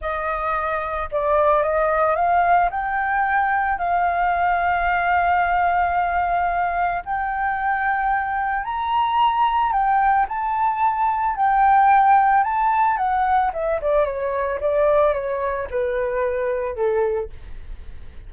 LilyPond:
\new Staff \with { instrumentName = "flute" } { \time 4/4 \tempo 4 = 111 dis''2 d''4 dis''4 | f''4 g''2 f''4~ | f''1~ | f''4 g''2. |
ais''2 g''4 a''4~ | a''4 g''2 a''4 | fis''4 e''8 d''8 cis''4 d''4 | cis''4 b'2 a'4 | }